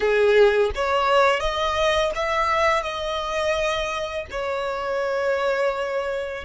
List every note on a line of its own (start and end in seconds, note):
0.00 0.70 G#4
0.75 1.39 C#5
1.39 2.11 D#5
2.15 2.82 E5
2.82 4.25 D#5
4.31 6.44 C#5